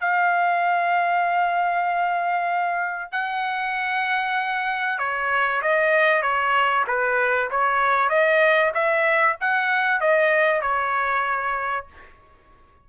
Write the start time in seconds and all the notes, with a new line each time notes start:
0.00 F5
3.12 F#5
4.99 C#5
5.62 D#5
6.22 C#5
6.88 B4
7.51 C#5
8.10 D#5
8.74 E5
9.41 F#5
10.01 D#5
10.61 C#5